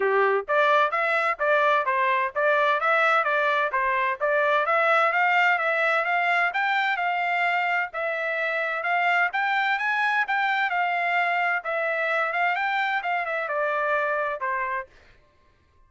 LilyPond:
\new Staff \with { instrumentName = "trumpet" } { \time 4/4 \tempo 4 = 129 g'4 d''4 e''4 d''4 | c''4 d''4 e''4 d''4 | c''4 d''4 e''4 f''4 | e''4 f''4 g''4 f''4~ |
f''4 e''2 f''4 | g''4 gis''4 g''4 f''4~ | f''4 e''4. f''8 g''4 | f''8 e''8 d''2 c''4 | }